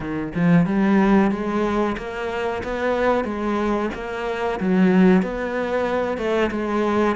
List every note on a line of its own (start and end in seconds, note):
0.00 0.32 D#3
0.34 0.66 F3
0.66 1.31 G3
1.31 1.96 G#3
1.97 2.62 A#3
2.63 3.24 B3
3.24 3.90 G#3
3.94 4.59 A#3
4.60 5.22 F#3
5.22 6.17 B3
6.17 6.50 A3
6.51 7.16 G#3